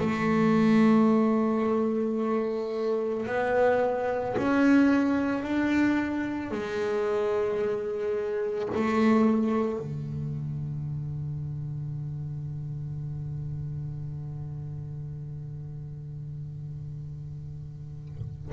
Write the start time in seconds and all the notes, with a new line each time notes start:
0.00 A3
3.27 B3
4.37 C#4
5.43 D4
6.51 G#3
8.75 A3
9.79 D3